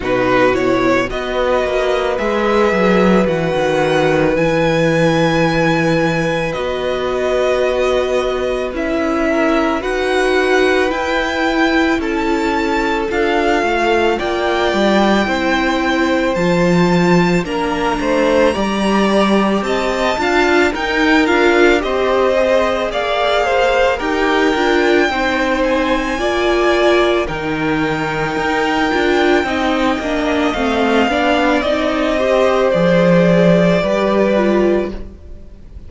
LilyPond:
<<
  \new Staff \with { instrumentName = "violin" } { \time 4/4 \tempo 4 = 55 b'8 cis''8 dis''4 e''4 fis''4 | gis''2 dis''2 | e''4 fis''4 g''4 a''4 | f''4 g''2 a''4 |
ais''2 a''4 g''8 f''8 | dis''4 f''4 g''4. gis''8~ | gis''4 g''2. | f''4 dis''4 d''2 | }
  \new Staff \with { instrumentName = "violin" } { \time 4/4 fis'4 b'2.~ | b'1~ | b'8 ais'8 b'2 a'4~ | a'4 d''4 c''2 |
ais'8 c''8 d''4 dis''8 f''8 ais'4 | c''4 d''8 c''8 ais'4 c''4 | d''4 ais'2 dis''4~ | dis''8 d''4 c''4. b'4 | }
  \new Staff \with { instrumentName = "viola" } { \time 4/4 dis'8 e'8 fis'4 gis'4 fis'4 | e'2 fis'2 | e'4 fis'4 e'2 | f'2 e'4 f'4 |
d'4 g'4. f'8 dis'8 f'8 | g'8 gis'4. g'8 f'8 dis'4 | f'4 dis'4. f'8 dis'8 d'8 | c'8 d'8 dis'8 g'8 gis'4 g'8 f'8 | }
  \new Staff \with { instrumentName = "cello" } { \time 4/4 b,4 b8 ais8 gis8 fis8 e16 dis8. | e2 b2 | cis'4 dis'4 e'4 cis'4 | d'8 a8 ais8 g8 c'4 f4 |
ais8 a8 g4 c'8 d'8 dis'8 d'8 | c'4 ais4 dis'8 d'8 c'4 | ais4 dis4 dis'8 d'8 c'8 ais8 | a8 b8 c'4 f4 g4 | }
>>